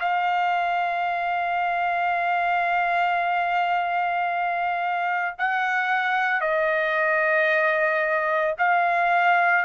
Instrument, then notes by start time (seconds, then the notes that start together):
trumpet
0.00 F5
5.39 F#5
6.40 D#5
8.58 F5